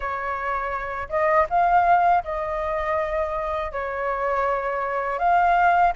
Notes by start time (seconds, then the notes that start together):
0.00 C#5
1.09 D#5
1.49 F5
2.24 D#5
3.71 C#5
5.19 F5